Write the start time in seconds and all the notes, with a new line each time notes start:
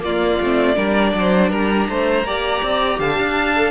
0.00 A#3 F4 D5
0.41 A3 C4
0.75 G3 D4 A#4
1.14 F#3 C5
1.50 G3 A#4 A#5
1.89 A3 C5
2.25 A#3 G4 D5
2.62 C4
2.99 D3 F5 A5
3.17 D4
3.56 A4